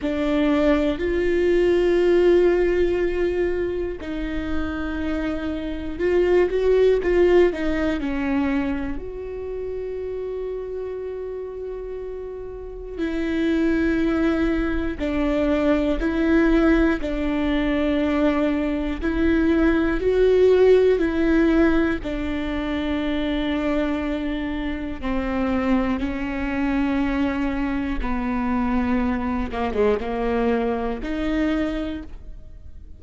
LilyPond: \new Staff \with { instrumentName = "viola" } { \time 4/4 \tempo 4 = 60 d'4 f'2. | dis'2 f'8 fis'8 f'8 dis'8 | cis'4 fis'2.~ | fis'4 e'2 d'4 |
e'4 d'2 e'4 | fis'4 e'4 d'2~ | d'4 c'4 cis'2 | b4. ais16 gis16 ais4 dis'4 | }